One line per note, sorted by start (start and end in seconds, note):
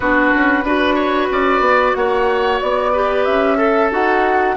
0.00 0.32 B3
0.00 0.66 D4
0.00 0.64 F#4
0.00 1.94 B4
0.35 0.63 C#4
0.63 1.29 D4
0.63 2.94 F#4
0.63 0.95 B4
0.95 1.27 C#5
1.30 1.60 C#4
1.30 1.97 D5
1.60 1.93 B3
1.94 2.60 A#3
1.94 2.92 C#5
1.94 2.59 F#5
2.61 3.26 B3
2.61 3.24 D5
2.92 3.58 G4
2.92 3.57 B4
3.24 3.91 C#4
3.24 3.89 E5
3.57 4.55 A4
3.57 3.90 A4
3.91 4.56 D#4
3.91 4.56 F#4
3.91 4.57 F#5